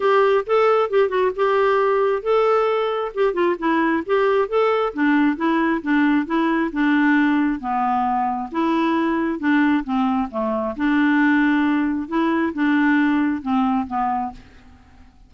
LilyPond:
\new Staff \with { instrumentName = "clarinet" } { \time 4/4 \tempo 4 = 134 g'4 a'4 g'8 fis'8 g'4~ | g'4 a'2 g'8 f'8 | e'4 g'4 a'4 d'4 | e'4 d'4 e'4 d'4~ |
d'4 b2 e'4~ | e'4 d'4 c'4 a4 | d'2. e'4 | d'2 c'4 b4 | }